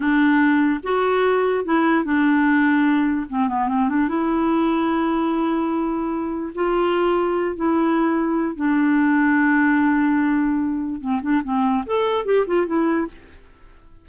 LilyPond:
\new Staff \with { instrumentName = "clarinet" } { \time 4/4 \tempo 4 = 147 d'2 fis'2 | e'4 d'2. | c'8 b8 c'8 d'8 e'2~ | e'1 |
f'2~ f'8 e'4.~ | e'4 d'2.~ | d'2. c'8 d'8 | c'4 a'4 g'8 f'8 e'4 | }